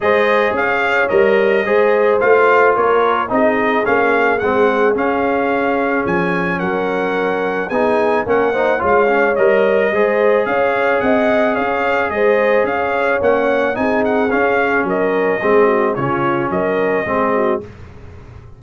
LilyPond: <<
  \new Staff \with { instrumentName = "trumpet" } { \time 4/4 \tempo 4 = 109 dis''4 f''4 dis''2 | f''4 cis''4 dis''4 f''4 | fis''4 f''2 gis''4 | fis''2 gis''4 fis''4 |
f''4 dis''2 f''4 | fis''4 f''4 dis''4 f''4 | fis''4 gis''8 fis''8 f''4 dis''4~ | dis''4 cis''4 dis''2 | }
  \new Staff \with { instrumentName = "horn" } { \time 4/4 c''4 cis''2 c''4~ | c''4 ais'4 gis'2~ | gis'1 | ais'2 gis'4 ais'8 c''8 |
cis''2 c''4 cis''4 | dis''4 cis''4 c''4 cis''4~ | cis''4 gis'2 ais'4 | gis'8 fis'8 f'4 ais'4 gis'8 fis'8 | }
  \new Staff \with { instrumentName = "trombone" } { \time 4/4 gis'2 ais'4 gis'4 | f'2 dis'4 cis'4 | c'4 cis'2.~ | cis'2 dis'4 cis'8 dis'8 |
f'8 cis'8 ais'4 gis'2~ | gis'1 | cis'4 dis'4 cis'2 | c'4 cis'2 c'4 | }
  \new Staff \with { instrumentName = "tuba" } { \time 4/4 gis4 cis'4 g4 gis4 | a4 ais4 c'4 ais4 | gis4 cis'2 f4 | fis2 b4 ais4 |
gis4 g4 gis4 cis'4 | c'4 cis'4 gis4 cis'4 | ais4 c'4 cis'4 fis4 | gis4 cis4 fis4 gis4 | }
>>